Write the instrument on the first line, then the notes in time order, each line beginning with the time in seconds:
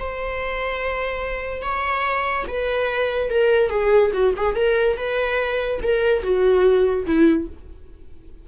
viola
0.00 C5
1.62 C#5
2.48 B4
3.30 A#4
3.70 G#4
4.14 F#4
4.37 G#4
4.56 A#4
4.97 B4
5.83 A#4
6.23 F#4
7.07 E4